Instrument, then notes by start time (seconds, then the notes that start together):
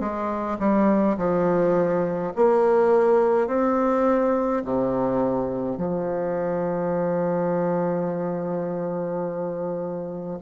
bassoon
0.00 G#3
0.59 G3
1.17 F3
2.36 A#3
3.48 C4
4.65 C3
5.77 F3